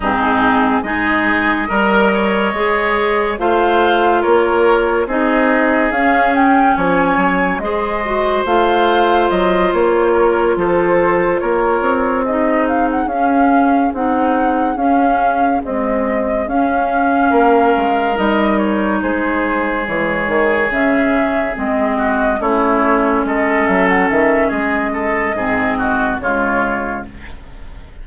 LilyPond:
<<
  \new Staff \with { instrumentName = "flute" } { \time 4/4 \tempo 4 = 71 gis'4 dis''2. | f''4 cis''4 dis''4 f''8 g''8 | gis''4 dis''4 f''4 dis''8 cis''8~ | cis''8 c''4 cis''4 dis''8 f''16 fis''16 f''8~ |
f''8 fis''4 f''4 dis''4 f''8~ | f''4. dis''8 cis''8 c''4 cis''8~ | cis''8 e''4 dis''4 cis''4 dis''8 | e''16 fis''16 e''8 dis''2 cis''4 | }
  \new Staff \with { instrumentName = "oboe" } { \time 4/4 dis'4 gis'4 ais'8 cis''4. | c''4 ais'4 gis'2 | cis''4 c''2. | ais'8 a'4 ais'4 gis'4.~ |
gis'1~ | gis'8 ais'2 gis'4.~ | gis'2 fis'8 e'4 a'8~ | a'4 gis'8 a'8 gis'8 fis'8 f'4 | }
  \new Staff \with { instrumentName = "clarinet" } { \time 4/4 c'4 dis'4 ais'4 gis'4 | f'2 dis'4 cis'4~ | cis'4 gis'8 fis'8 f'2~ | f'2~ f'8 dis'4 cis'8~ |
cis'8 dis'4 cis'4 gis4 cis'8~ | cis'4. dis'2 gis8~ | gis8 cis'4 c'4 cis'4.~ | cis'2 c'4 gis4 | }
  \new Staff \with { instrumentName = "bassoon" } { \time 4/4 gis,4 gis4 g4 gis4 | a4 ais4 c'4 cis'4 | f8 fis8 gis4 a4 fis8 ais8~ | ais8 f4 ais8 c'4. cis'8~ |
cis'8 c'4 cis'4 c'4 cis'8~ | cis'8 ais8 gis8 g4 gis4 e8 | dis8 cis4 gis4 a4 gis8 | fis8 dis8 gis4 gis,4 cis4 | }
>>